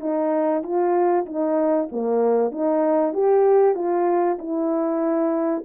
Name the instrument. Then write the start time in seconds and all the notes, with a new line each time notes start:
horn
0.00 D#4
0.63 F4
1.26 D#4
1.92 A#3
2.51 D#4
3.13 G4
3.75 F4
4.39 E4